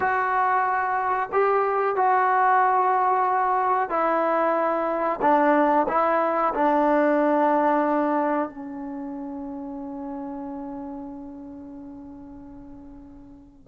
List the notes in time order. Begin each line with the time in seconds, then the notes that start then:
0.00 F#4
1.32 G4
1.96 F#4
3.89 E4
5.21 D4
5.88 E4
6.54 D4
8.49 C#4